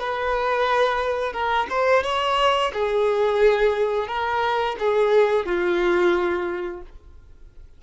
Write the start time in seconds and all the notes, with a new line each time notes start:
0.00 B4
1.33 A#4
1.70 C5
2.03 C#5
2.73 G#4
4.08 A#4
4.79 G#4
5.46 F4